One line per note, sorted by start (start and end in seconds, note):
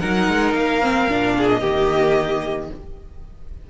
0.00 0.28 F#3
0.00 0.82 D#4
0.00 1.35 A#4
0.00 0.54 F#5
0.28 0.53 G#3
0.53 1.08 A#3
0.53 1.49 F5
0.82 1.09 C4
1.09 1.62 A#2
1.09 1.62 D4
1.38 1.61 G#4
1.49 2.70 D#5
1.61 2.70 D#3
1.61 2.70 A#3
1.61 2.69 G4